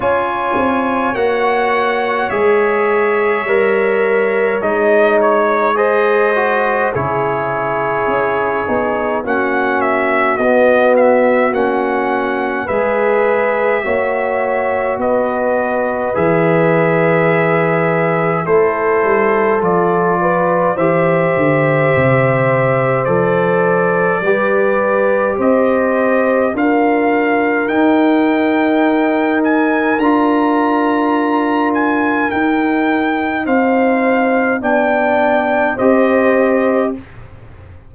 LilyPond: <<
  \new Staff \with { instrumentName = "trumpet" } { \time 4/4 \tempo 4 = 52 gis''4 fis''4 e''2 | dis''8 cis''8 dis''4 cis''2 | fis''8 e''8 dis''8 e''8 fis''4 e''4~ | e''4 dis''4 e''2 |
c''4 d''4 e''2 | d''2 dis''4 f''4 | g''4. gis''8 ais''4. gis''8 | g''4 f''4 g''4 dis''4 | }
  \new Staff \with { instrumentName = "horn" } { \time 4/4 cis''1~ | cis''4 c''4 gis'2 | fis'2. b'4 | cis''4 b'2. |
a'4. b'8 c''2~ | c''4 b'4 c''4 ais'4~ | ais'1~ | ais'4 c''4 d''4 c''4 | }
  \new Staff \with { instrumentName = "trombone" } { \time 4/4 f'4 fis'4 gis'4 ais'4 | dis'4 gis'8 fis'8 e'4. dis'8 | cis'4 b4 cis'4 gis'4 | fis'2 gis'2 |
e'4 f'4 g'2 | a'4 g'2 f'4 | dis'2 f'2 | dis'2 d'4 g'4 | }
  \new Staff \with { instrumentName = "tuba" } { \time 4/4 cis'8 c'8 ais4 gis4 g4 | gis2 cis4 cis'8 b8 | ais4 b4 ais4 gis4 | ais4 b4 e2 |
a8 g8 f4 e8 d8 c4 | f4 g4 c'4 d'4 | dis'2 d'2 | dis'4 c'4 b4 c'4 | }
>>